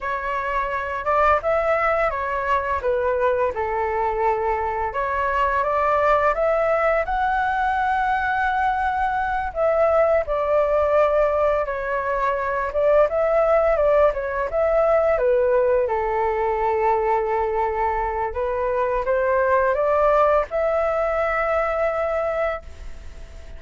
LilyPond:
\new Staff \with { instrumentName = "flute" } { \time 4/4 \tempo 4 = 85 cis''4. d''8 e''4 cis''4 | b'4 a'2 cis''4 | d''4 e''4 fis''2~ | fis''4. e''4 d''4.~ |
d''8 cis''4. d''8 e''4 d''8 | cis''8 e''4 b'4 a'4.~ | a'2 b'4 c''4 | d''4 e''2. | }